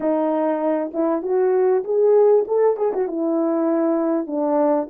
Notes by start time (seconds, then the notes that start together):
0.00 D#4
0.93 E4
1.22 F#4
1.84 G#4
2.47 A4
2.77 G#4
2.93 F#4
3.08 E4
4.27 D4